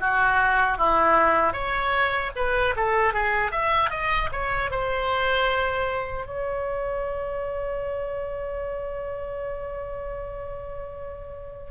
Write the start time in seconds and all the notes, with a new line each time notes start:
0.00 F#4
0.78 E4
1.53 C#5
2.36 B4
2.77 A4
3.14 G#4
3.52 E5
3.90 D#5
4.32 C#5
4.71 C5
6.27 C#5